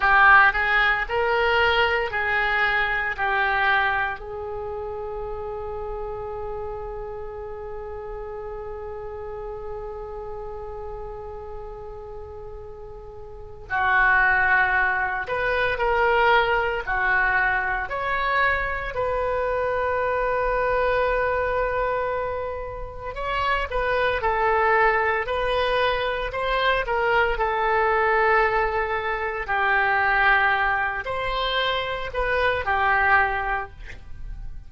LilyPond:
\new Staff \with { instrumentName = "oboe" } { \time 4/4 \tempo 4 = 57 g'8 gis'8 ais'4 gis'4 g'4 | gis'1~ | gis'1~ | gis'4 fis'4. b'8 ais'4 |
fis'4 cis''4 b'2~ | b'2 cis''8 b'8 a'4 | b'4 c''8 ais'8 a'2 | g'4. c''4 b'8 g'4 | }